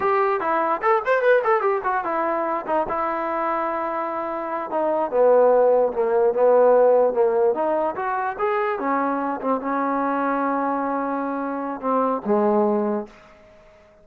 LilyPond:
\new Staff \with { instrumentName = "trombone" } { \time 4/4 \tempo 4 = 147 g'4 e'4 a'8 c''8 b'8 a'8 | g'8 fis'8 e'4. dis'8 e'4~ | e'2.~ e'8 dis'8~ | dis'8 b2 ais4 b8~ |
b4. ais4 dis'4 fis'8~ | fis'8 gis'4 cis'4. c'8 cis'8~ | cis'1~ | cis'4 c'4 gis2 | }